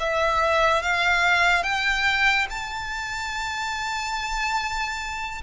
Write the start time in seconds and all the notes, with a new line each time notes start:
0.00 E5
0.83 F5
1.64 G5
2.50 A5